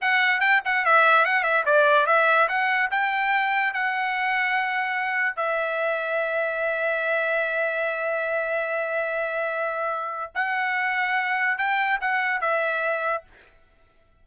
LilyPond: \new Staff \with { instrumentName = "trumpet" } { \time 4/4 \tempo 4 = 145 fis''4 g''8 fis''8 e''4 fis''8 e''8 | d''4 e''4 fis''4 g''4~ | g''4 fis''2.~ | fis''4 e''2.~ |
e''1~ | e''1~ | e''4 fis''2. | g''4 fis''4 e''2 | }